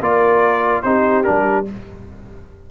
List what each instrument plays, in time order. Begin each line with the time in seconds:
0.00 tuba A#3, trombone F4, horn A#4, trumpet D5
0.82 tuba C4, trombone D#4, horn G4, trumpet C5
1.23 tuba G3, trombone D4, trumpet A#4